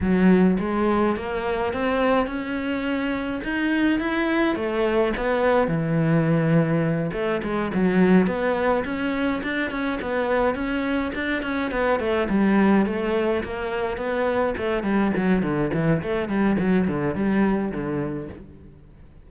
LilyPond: \new Staff \with { instrumentName = "cello" } { \time 4/4 \tempo 4 = 105 fis4 gis4 ais4 c'4 | cis'2 dis'4 e'4 | a4 b4 e2~ | e8 a8 gis8 fis4 b4 cis'8~ |
cis'8 d'8 cis'8 b4 cis'4 d'8 | cis'8 b8 a8 g4 a4 ais8~ | ais8 b4 a8 g8 fis8 d8 e8 | a8 g8 fis8 d8 g4 d4 | }